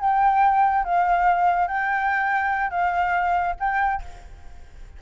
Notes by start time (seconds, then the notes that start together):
0.00 G5
0.84 F5
1.67 G5
2.71 F5
3.60 G5